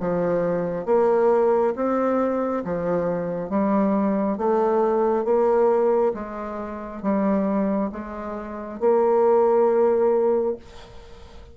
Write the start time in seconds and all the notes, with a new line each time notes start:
0.00 F3
0.86 A#3
1.76 C4
2.64 F3
3.50 G3
4.38 A3
5.25 A#3
6.14 G#3
7.02 G3
7.92 G#3
8.80 A#3